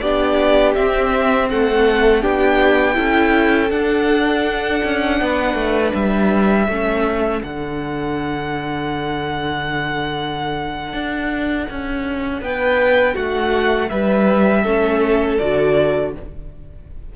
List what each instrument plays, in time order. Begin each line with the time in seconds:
0.00 cello B3, viola D4, violin G4 D5
0.75 viola C4, cello C4, violin E5
1.50 cello A3, violin A4 F#5
2.22 cello B3, viola D4, violin G4 G5
2.94 cello C#4, viola E4, violin A4
3.71 cello D4, viola D4, violin F#5
4.84 cello C#4
5.21 cello B3, violin B4
5.55 cello A3
5.94 cello G3, violin E5
6.68 cello A3, viola C#4, violin A4
7.43 cello D3, viola D4, violin F#5
10.93 cello D4
11.70 cello C#4
12.41 cello B3, violin B4 G5
13.14 cello A3, violin F#4 F#5
13.89 cello G3, violin B4 E5
14.62 cello A3, viola C#4, violin A4
15.38 cello D3, viola F#4, violin D5